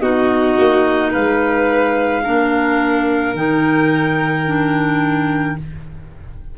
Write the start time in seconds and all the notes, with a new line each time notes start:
0.00 B3 D#4 F#4 D#5
0.58 A#3
1.10 G#3 B4 F5
2.23 A#3 D4 A#4
3.33 D#3 D#4 G5
4.46 D4